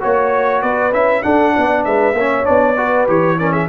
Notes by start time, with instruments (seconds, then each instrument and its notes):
0.00 tuba A#3, trombone F#4, horn C#5, trumpet C#5
0.62 tuba B3, horn B4, trumpet D5
0.93 tuba C#4, trombone E4, trumpet E5
1.22 trombone D4, tuba D4, horn A4, trumpet F#5
1.53 tuba B3, horn D5
1.85 tuba G#3, horn B4, trumpet E5
2.13 tuba A#3, horn C#5
2.20 trombone C#4
2.44 tuba B3, trombone D4, trumpet D5
2.77 trombone F#4, horn B4
3.07 tuba E3, trombone G4, trumpet C#5
3.39 trombone C#4, horn A#4, trumpet D5
3.52 horn G#4, trumpet E5